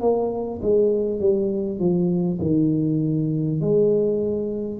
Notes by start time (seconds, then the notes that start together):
0.00 A#3
0.62 G#3
1.20 G3
1.79 F3
2.41 D#3
3.60 G#3